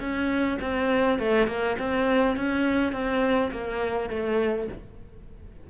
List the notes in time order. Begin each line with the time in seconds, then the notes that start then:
0.00 C#4
0.61 C4
1.19 A3
1.47 A#3
1.79 C4
2.36 C#4
2.93 C4
3.52 A#3
4.10 A3